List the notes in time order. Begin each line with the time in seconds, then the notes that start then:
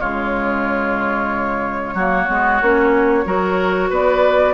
0.00 C#3 G#3 F4 C#5
1.94 F#3 A#3 F#4
2.28 G#3 B3
2.62 A#3 C#4
3.25 F#3 F#4 A#4
3.90 B3 B4 D5